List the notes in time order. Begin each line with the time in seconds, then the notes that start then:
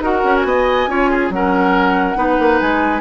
0.00 D#4 F#4 A#4 F#5
0.24 C#4
0.35 G#5
0.44 B3 D#5
0.87 C#4 F4 C#5
1.10 G#4
1.30 F#3 C#4 A#4 F#5
2.16 B3 D#4 B4
2.39 A#3
2.60 G#3 G#5